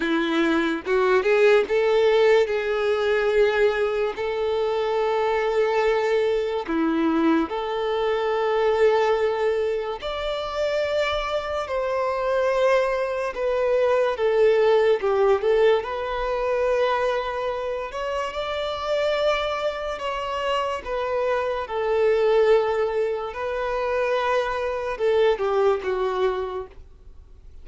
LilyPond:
\new Staff \with { instrumentName = "violin" } { \time 4/4 \tempo 4 = 72 e'4 fis'8 gis'8 a'4 gis'4~ | gis'4 a'2. | e'4 a'2. | d''2 c''2 |
b'4 a'4 g'8 a'8 b'4~ | b'4. cis''8 d''2 | cis''4 b'4 a'2 | b'2 a'8 g'8 fis'4 | }